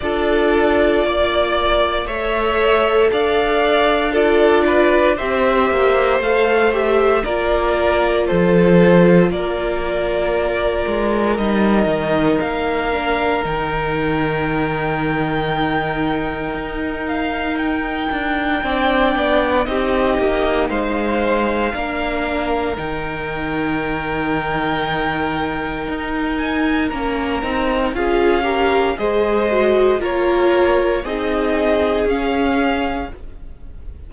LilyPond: <<
  \new Staff \with { instrumentName = "violin" } { \time 4/4 \tempo 4 = 58 d''2 e''4 f''4 | d''4 e''4 f''8 e''8 d''4 | c''4 d''2 dis''4 | f''4 g''2.~ |
g''8 f''8 g''2 dis''4 | f''2 g''2~ | g''4. gis''8 ais''4 f''4 | dis''4 cis''4 dis''4 f''4 | }
  \new Staff \with { instrumentName = "violin" } { \time 4/4 a'4 d''4 cis''4 d''4 | a'8 b'8 c''2 ais'4 | a'4 ais'2.~ | ais'1~ |
ais'2 d''4 g'4 | c''4 ais'2.~ | ais'2. gis'8 ais'8 | c''4 ais'4 gis'2 | }
  \new Staff \with { instrumentName = "viola" } { \time 4/4 f'2 a'2 | f'4 g'4 a'8 g'8 f'4~ | f'2. dis'4~ | dis'8 d'8 dis'2.~ |
dis'2 d'4 dis'4~ | dis'4 d'4 dis'2~ | dis'2 cis'8 dis'8 f'8 g'8 | gis'8 fis'8 f'4 dis'4 cis'4 | }
  \new Staff \with { instrumentName = "cello" } { \time 4/4 d'4 ais4 a4 d'4~ | d'4 c'8 ais8 a4 ais4 | f4 ais4. gis8 g8 dis8 | ais4 dis2. |
dis'4. d'8 c'8 b8 c'8 ais8 | gis4 ais4 dis2~ | dis4 dis'4 ais8 c'8 cis'4 | gis4 ais4 c'4 cis'4 | }
>>